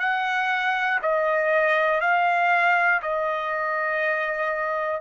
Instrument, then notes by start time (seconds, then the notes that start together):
trumpet
0.00 F#5
1.02 D#5
2.01 F5
3.02 D#5